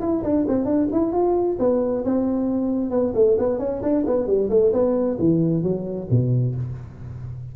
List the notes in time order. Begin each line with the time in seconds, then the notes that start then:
0.00 E4
0.23 D4
0.48 C4
0.65 D4
0.92 E4
1.12 F4
1.59 B3
2.04 C4
2.90 B3
3.14 A3
3.38 B3
3.59 C#4
3.82 D4
4.06 B3
4.26 G3
4.49 A3
4.72 B3
5.19 E3
5.62 F#3
6.10 B2